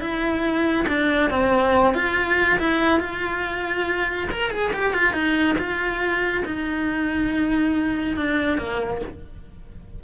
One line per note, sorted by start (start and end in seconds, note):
0.00 0.86 E4
0.88 1.30 D4
1.30 1.94 C4
1.94 2.59 F4
2.59 3.00 E4
3.00 4.28 F4
4.31 4.50 A#4
4.50 4.71 G#4
4.73 4.93 G4
4.93 5.13 F4
5.13 5.56 D#4
5.58 6.43 F4
6.45 8.16 D#4
8.16 8.58 D4
8.58 9.01 A#3